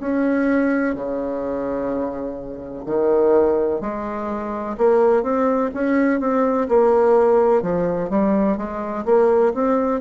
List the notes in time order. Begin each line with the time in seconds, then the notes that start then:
0.00 C#4
0.95 C#3
2.86 D#3
3.81 G#3
4.78 A#3
5.23 C4
5.74 C#4
6.20 C4
6.69 A#3
7.62 F3
8.10 G3
8.57 G#3
9.05 A#3
9.55 C4